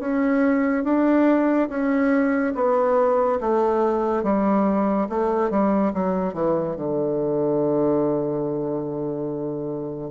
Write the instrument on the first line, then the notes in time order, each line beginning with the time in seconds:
bassoon
0.00 C#4
0.85 D4
1.69 C#4
2.55 B3
3.41 A3
4.24 G3
5.10 A3
5.51 G3
5.94 F#3
6.34 E3
6.76 D3